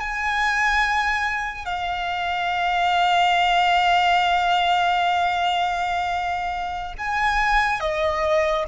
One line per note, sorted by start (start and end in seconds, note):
0.00 1.65 G#5
1.65 6.93 F5
6.98 7.80 G#5
7.80 8.64 D#5